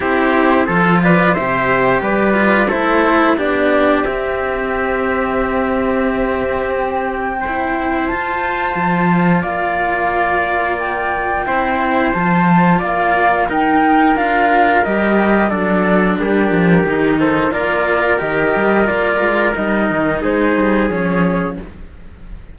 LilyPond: <<
  \new Staff \with { instrumentName = "flute" } { \time 4/4 \tempo 4 = 89 c''4. d''8 e''4 d''4 | c''4 d''4 e''2~ | e''2 g''2 | a''2 f''2 |
g''2 a''4 f''4 | g''4 f''4 dis''4 d''4 | ais'4. c''8 d''4 dis''4 | d''4 dis''4 c''4 cis''4 | }
  \new Staff \with { instrumentName = "trumpet" } { \time 4/4 g'4 a'8 b'8 c''4 b'4 | a'4 g'2.~ | g'2. c''4~ | c''2 d''2~ |
d''4 c''2 d''4 | ais'2. a'4 | g'4. a'8 ais'2~ | ais'2 gis'2 | }
  \new Staff \with { instrumentName = "cello" } { \time 4/4 e'4 f'4 g'4. f'8 | e'4 d'4 c'2~ | c'2. e'4 | f'1~ |
f'4 e'4 f'2 | dis'4 f'4 g'4 d'4~ | d'4 dis'4 f'4 g'4 | f'4 dis'2 cis'4 | }
  \new Staff \with { instrumentName = "cello" } { \time 4/4 c'4 f4 c4 g4 | a4 b4 c'2~ | c'1 | f'4 f4 ais2~ |
ais4 c'4 f4 ais4 | dis'4 d'4 g4 fis4 | g8 f8 dis4 ais4 dis8 g8 | ais8 gis8 g8 dis8 gis8 g8 f4 | }
>>